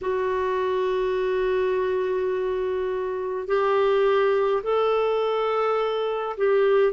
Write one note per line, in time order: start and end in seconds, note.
0.01 3.47 F#4
3.47 4.62 G4
4.63 6.36 A4
6.37 6.92 G4